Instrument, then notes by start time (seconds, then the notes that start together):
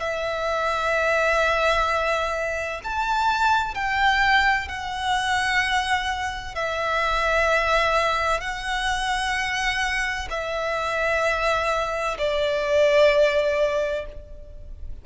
violin
0.00 E5
2.84 A5
3.75 G5
4.68 F#5
6.55 E5
8.41 F#5
10.30 E5
12.18 D5